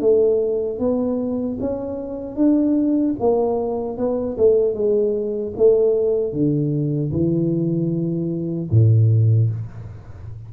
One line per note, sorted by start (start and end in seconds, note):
0.00 0.79 A3
0.79 1.58 B3
1.60 2.36 C#4
2.36 3.15 D4
3.19 3.97 A#3
3.97 4.36 B3
4.37 4.74 A3
4.74 5.53 G#3
5.57 6.32 A3
6.32 7.11 D3
7.12 8.69 E3
8.71 9.50 A2